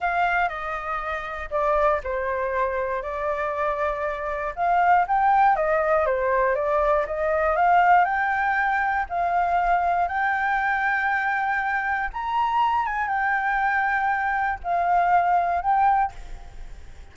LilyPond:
\new Staff \with { instrumentName = "flute" } { \time 4/4 \tempo 4 = 119 f''4 dis''2 d''4 | c''2 d''2~ | d''4 f''4 g''4 dis''4 | c''4 d''4 dis''4 f''4 |
g''2 f''2 | g''1 | ais''4. gis''8 g''2~ | g''4 f''2 g''4 | }